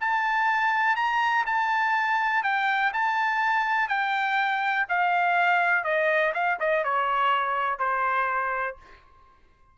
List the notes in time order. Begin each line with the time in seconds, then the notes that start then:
0.00 A5
0.96 A#5
1.46 A5
2.43 G5
2.93 A5
3.88 G5
4.89 F5
5.84 D#5
6.34 F5
6.59 D#5
6.84 C#5
7.78 C5